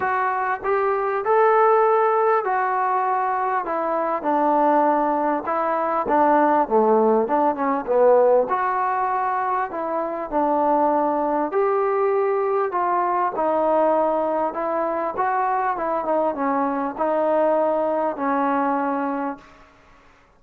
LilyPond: \new Staff \with { instrumentName = "trombone" } { \time 4/4 \tempo 4 = 99 fis'4 g'4 a'2 | fis'2 e'4 d'4~ | d'4 e'4 d'4 a4 | d'8 cis'8 b4 fis'2 |
e'4 d'2 g'4~ | g'4 f'4 dis'2 | e'4 fis'4 e'8 dis'8 cis'4 | dis'2 cis'2 | }